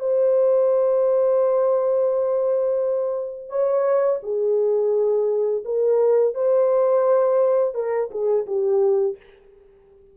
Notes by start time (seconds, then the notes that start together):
0.00 C5
3.49 C#5
4.23 G#4
5.65 A#4
6.35 C5
7.75 A#4
8.11 G#4
8.47 G4